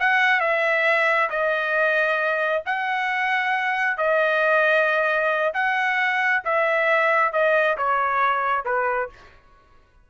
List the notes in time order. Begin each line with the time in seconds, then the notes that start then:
0.00 F#5
0.41 E5
1.30 D#5
2.66 F#5
3.98 D#5
5.54 F#5
6.45 E5
7.33 D#5
7.78 C#5
8.65 B4